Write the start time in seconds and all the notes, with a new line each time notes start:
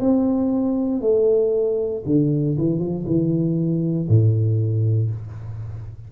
0.00 C4
1.01 A3
2.05 D3
2.57 E3
2.79 F3
3.06 E3
4.08 A2